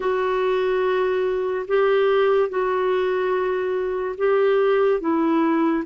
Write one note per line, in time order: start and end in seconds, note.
0.00 1.66 F#4
1.67 2.48 G4
2.48 4.15 F#4
4.17 5.00 G4
5.00 5.83 E4